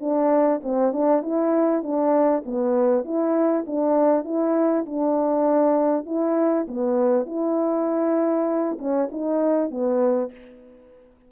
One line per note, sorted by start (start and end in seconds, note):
0.00 0.61 D4
0.63 0.92 C4
0.92 1.22 D4
1.22 1.82 E4
1.82 2.43 D4
2.45 3.04 B3
3.04 3.65 E4
3.66 4.25 D4
4.25 4.85 E4
4.85 6.06 D4
6.06 6.66 E4
6.68 7.26 B3
7.26 8.77 E4
8.79 9.09 C#4
9.11 9.71 D#4
9.71 10.31 B3